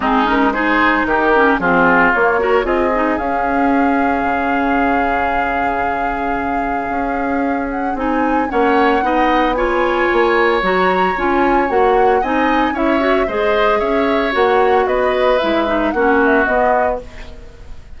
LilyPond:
<<
  \new Staff \with { instrumentName = "flute" } { \time 4/4 \tempo 4 = 113 gis'8 ais'8 c''4 ais'4 gis'4 | cis''4 dis''4 f''2~ | f''1~ | f''2~ f''8 fis''8 gis''4 |
fis''2 gis''2 | ais''4 gis''4 fis''4 gis''4 | e''4 dis''4 e''4 fis''4 | dis''4 e''4 fis''8 e''8 dis''4 | }
  \new Staff \with { instrumentName = "oboe" } { \time 4/4 dis'4 gis'4 g'4 f'4~ | f'8 ais'8 gis'2.~ | gis'1~ | gis'1 |
cis''4 dis''4 cis''2~ | cis''2. dis''4 | cis''4 c''4 cis''2 | b'2 fis'2 | }
  \new Staff \with { instrumentName = "clarinet" } { \time 4/4 c'8 cis'8 dis'4. cis'8 c'4 | ais8 fis'8 f'8 dis'8 cis'2~ | cis'1~ | cis'2. dis'4 |
cis'4 dis'4 f'2 | fis'4 f'4 fis'4 dis'4 | e'8 fis'8 gis'2 fis'4~ | fis'4 e'8 dis'8 cis'4 b4 | }
  \new Staff \with { instrumentName = "bassoon" } { \time 4/4 gis2 dis4 f4 | ais4 c'4 cis'2 | cis1~ | cis4 cis'2 c'4 |
ais4 b2 ais4 | fis4 cis'4 ais4 c'4 | cis'4 gis4 cis'4 ais4 | b4 gis4 ais4 b4 | }
>>